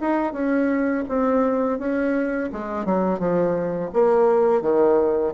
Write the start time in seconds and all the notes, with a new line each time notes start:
0.00 D#4
0.32 C#4
1.08 C4
1.78 C#4
2.52 G#3
2.85 F#3
3.19 F3
3.93 A#3
4.61 D#3